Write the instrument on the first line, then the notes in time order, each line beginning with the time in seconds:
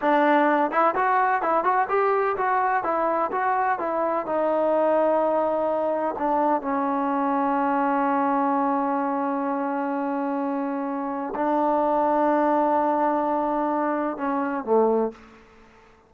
trombone
0.01 D4
0.71 E4
0.95 F#4
1.42 E4
1.64 F#4
1.89 G4
2.36 F#4
2.83 E4
3.31 F#4
3.79 E4
4.26 D#4
6.18 D4
6.61 C#4
11.35 D4
14.17 C#4
14.64 A3